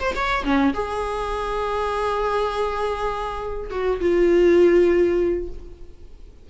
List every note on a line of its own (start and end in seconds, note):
0.00 0.15 C5
0.15 0.44 C#5
0.44 0.73 C#4
0.74 3.70 G#4
3.70 4.00 F#4
4.01 5.49 F4